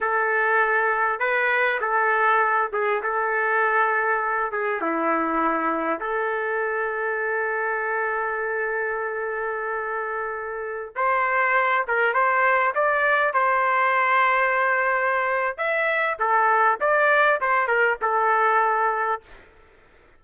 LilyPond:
\new Staff \with { instrumentName = "trumpet" } { \time 4/4 \tempo 4 = 100 a'2 b'4 a'4~ | a'8 gis'8 a'2~ a'8 gis'8 | e'2 a'2~ | a'1~ |
a'2~ a'16 c''4. ais'16~ | ais'16 c''4 d''4 c''4.~ c''16~ | c''2 e''4 a'4 | d''4 c''8 ais'8 a'2 | }